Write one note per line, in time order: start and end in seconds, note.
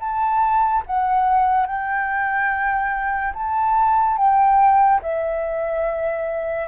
0.00 0.83 A5
0.87 1.67 F#5
1.67 3.33 G5
3.34 4.17 A5
4.17 5.01 G5
5.02 6.68 E5